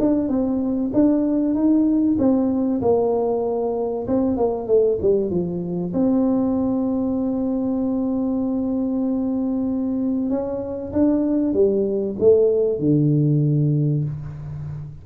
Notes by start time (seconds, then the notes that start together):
0.00 D4
0.29 C4
0.94 D4
1.55 D#4
2.19 C4
2.82 A#3
4.07 C4
4.37 A#3
4.68 A3
5.01 G3
5.30 F3
5.94 C4
10.30 C#4
10.93 D4
11.54 G3
12.20 A3
12.79 D3